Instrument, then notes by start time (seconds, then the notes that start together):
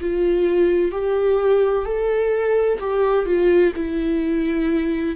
viola
0.00 F4
0.91 G4
1.85 A4
2.80 G4
3.26 F4
3.75 E4